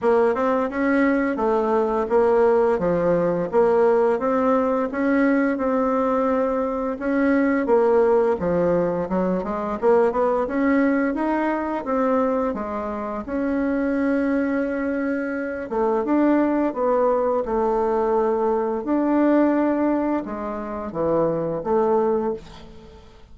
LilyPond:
\new Staff \with { instrumentName = "bassoon" } { \time 4/4 \tempo 4 = 86 ais8 c'8 cis'4 a4 ais4 | f4 ais4 c'4 cis'4 | c'2 cis'4 ais4 | f4 fis8 gis8 ais8 b8 cis'4 |
dis'4 c'4 gis4 cis'4~ | cis'2~ cis'8 a8 d'4 | b4 a2 d'4~ | d'4 gis4 e4 a4 | }